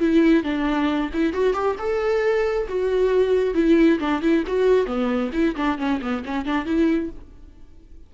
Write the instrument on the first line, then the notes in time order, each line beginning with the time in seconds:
viola
0.00 E4
0.43 D4
1.13 E4
1.33 F#4
1.54 G4
1.79 A4
2.68 F#4
3.55 E4
4.00 D4
4.22 E4
4.47 F#4
4.86 B3
5.33 E4
5.56 D4
5.78 C#4
6.01 B3
6.25 C#4
6.45 D4
6.65 E4